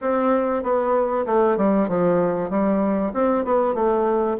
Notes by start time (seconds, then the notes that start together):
0.01 C4
0.62 B3
1.26 A3
1.57 G3
1.88 F3
2.50 G3
3.13 C4
3.44 B3
3.74 A3